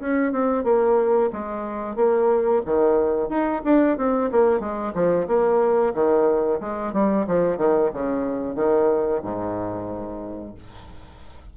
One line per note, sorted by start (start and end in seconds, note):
0.00 0.32 C#4
0.32 0.64 C4
0.64 1.30 A#3
1.33 1.96 G#3
1.96 2.62 A#3
2.65 3.29 D#3
3.29 3.62 D#4
3.64 3.97 D4
3.97 4.30 C4
4.31 4.60 A#3
4.60 4.93 G#3
4.94 5.27 F3
5.27 5.93 A#3
5.94 6.60 D#3
6.60 6.93 G#3
6.93 7.26 G3
7.27 7.57 F3
7.57 7.90 D#3
7.93 8.56 C#3
8.56 9.22 D#3
9.22 10.54 G#2